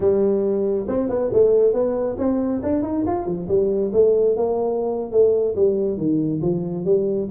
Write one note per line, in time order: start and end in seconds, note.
0.00 0.86 G3
0.88 1.09 C4
1.09 1.30 B3
1.32 1.73 A3
1.73 2.16 B3
2.18 2.61 C4
2.62 2.82 D4
2.82 3.04 D#4
3.06 3.26 F4
3.26 3.47 F3
3.48 3.91 G3
3.92 4.36 A3
4.36 5.11 A#3
5.11 5.55 A3
5.55 5.97 G3
5.97 6.40 D#3
6.41 6.84 F3
6.84 7.28 G3